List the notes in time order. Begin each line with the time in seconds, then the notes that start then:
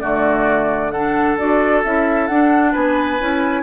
0.00 D3 A3 F#4 D5
0.91 D4 A4 F#5
1.37 D4 F#4 D5
1.84 C#4 E4 E5
2.27 D4 F#5
2.72 B3 B4 G#5
3.20 C#4 E4